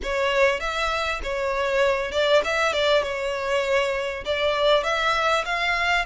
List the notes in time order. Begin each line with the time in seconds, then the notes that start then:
0.02 C#5
0.60 E5
1.23 C#5
2.11 D5
2.44 E5
2.72 D5
3.02 C#5
4.25 D5
4.83 E5
5.45 F5